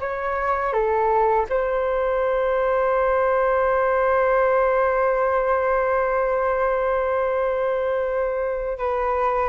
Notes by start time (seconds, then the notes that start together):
0.00 C#5
0.73 A4
1.49 C5
8.78 B4